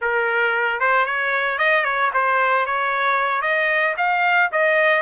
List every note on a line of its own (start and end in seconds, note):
0.01 0.80 A#4
0.80 1.05 C5
1.05 1.58 C#5
1.58 1.84 D#5
1.84 2.10 C#5
2.13 2.65 C5
2.65 3.41 C#5
3.41 3.94 D#5
3.97 4.50 F5
4.51 5.02 D#5